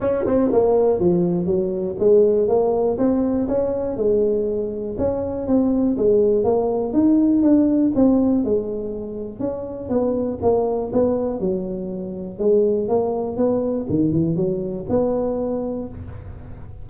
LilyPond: \new Staff \with { instrumentName = "tuba" } { \time 4/4 \tempo 4 = 121 cis'8 c'8 ais4 f4 fis4 | gis4 ais4 c'4 cis'4 | gis2 cis'4 c'4 | gis4 ais4 dis'4 d'4 |
c'4 gis2 cis'4 | b4 ais4 b4 fis4~ | fis4 gis4 ais4 b4 | dis8 e8 fis4 b2 | }